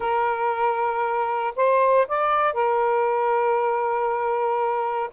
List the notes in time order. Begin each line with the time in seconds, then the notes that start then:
0.00 A#4
1.55 C5
2.07 D5
2.53 A#4